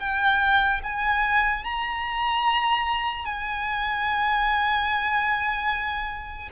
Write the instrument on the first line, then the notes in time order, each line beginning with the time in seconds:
violin
0.00 G5
0.84 G#5
1.64 A#5
3.25 G#5